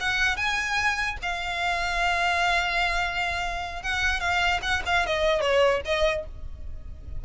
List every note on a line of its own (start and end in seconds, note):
0.00 0.37 F#5
0.37 1.17 G#5
1.22 3.83 F5
3.83 4.20 F#5
4.20 4.60 F5
4.62 4.82 F#5
4.86 5.06 F5
5.06 5.41 D#5
5.41 5.81 C#5
5.85 6.25 D#5